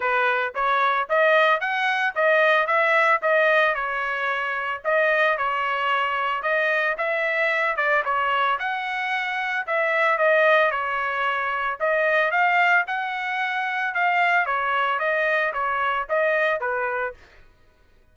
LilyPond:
\new Staff \with { instrumentName = "trumpet" } { \time 4/4 \tempo 4 = 112 b'4 cis''4 dis''4 fis''4 | dis''4 e''4 dis''4 cis''4~ | cis''4 dis''4 cis''2 | dis''4 e''4. d''8 cis''4 |
fis''2 e''4 dis''4 | cis''2 dis''4 f''4 | fis''2 f''4 cis''4 | dis''4 cis''4 dis''4 b'4 | }